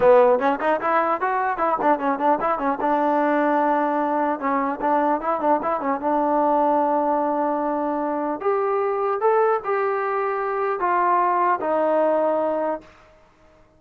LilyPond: \new Staff \with { instrumentName = "trombone" } { \time 4/4 \tempo 4 = 150 b4 cis'8 dis'8 e'4 fis'4 | e'8 d'8 cis'8 d'8 e'8 cis'8 d'4~ | d'2. cis'4 | d'4 e'8 d'8 e'8 cis'8 d'4~ |
d'1~ | d'4 g'2 a'4 | g'2. f'4~ | f'4 dis'2. | }